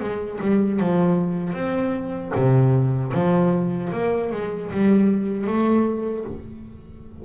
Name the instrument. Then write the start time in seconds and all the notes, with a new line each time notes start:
double bass
0.00 G#3
0.41 G3
0.79 F3
1.53 C4
2.35 C3
3.14 F3
3.93 A#3
4.32 G#3
4.71 G3
5.47 A3